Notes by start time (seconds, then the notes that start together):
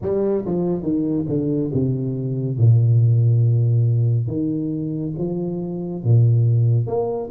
0.02 G3
0.45 F3
0.82 D#3
1.28 D3
1.73 C3
2.57 A#2
4.27 D#3
5.18 F3
6.03 A#2
6.86 A#3